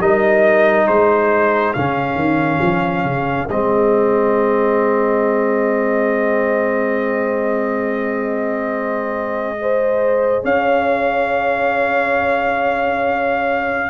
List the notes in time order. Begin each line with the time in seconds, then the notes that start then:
0.00 G3 D#4 A#4 D#5
0.87 G#3 G#4 C5
1.74 C#3 C#4 F5
2.15 D#3
2.61 F3
3.04 C#3
3.49 G#3 C4 D#5
9.55 G#4 C5
10.44 C#4 C#5 F5